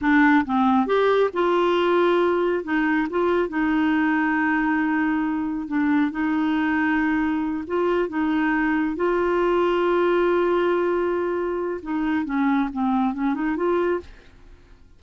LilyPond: \new Staff \with { instrumentName = "clarinet" } { \time 4/4 \tempo 4 = 137 d'4 c'4 g'4 f'4~ | f'2 dis'4 f'4 | dis'1~ | dis'4 d'4 dis'2~ |
dis'4. f'4 dis'4.~ | dis'8 f'2.~ f'8~ | f'2. dis'4 | cis'4 c'4 cis'8 dis'8 f'4 | }